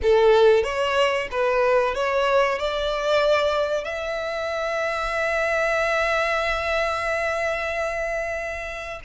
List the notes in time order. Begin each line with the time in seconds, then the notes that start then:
0.02 A4
0.63 C#5
1.31 B4
1.94 C#5
2.58 D5
3.84 E5